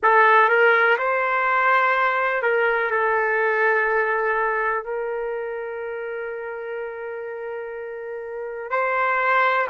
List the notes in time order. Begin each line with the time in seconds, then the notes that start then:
0.02 A4
0.48 A#4
0.98 C5
2.42 A#4
2.90 A4
4.83 A#4
8.70 C5